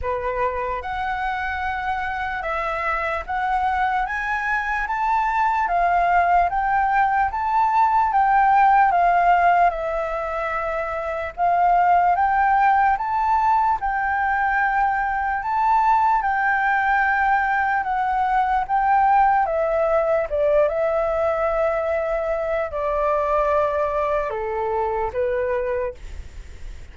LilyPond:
\new Staff \with { instrumentName = "flute" } { \time 4/4 \tempo 4 = 74 b'4 fis''2 e''4 | fis''4 gis''4 a''4 f''4 | g''4 a''4 g''4 f''4 | e''2 f''4 g''4 |
a''4 g''2 a''4 | g''2 fis''4 g''4 | e''4 d''8 e''2~ e''8 | d''2 a'4 b'4 | }